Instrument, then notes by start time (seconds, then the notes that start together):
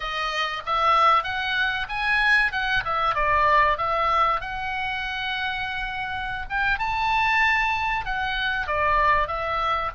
oboe
0.00 D#5
0.65 E5
1.23 F#5
1.88 G#5
2.52 F#5
2.84 E5
3.14 D5
3.77 E5
4.40 F#5
6.49 G5
6.78 A5
8.05 F#5
8.66 D5
9.27 E5